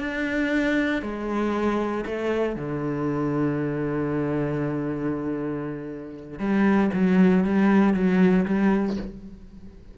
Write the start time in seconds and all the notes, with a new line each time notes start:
0.00 D4
1.03 G#3
2.06 A3
2.56 D3
6.39 G3
6.94 F#3
7.45 G3
7.94 F#3
8.46 G3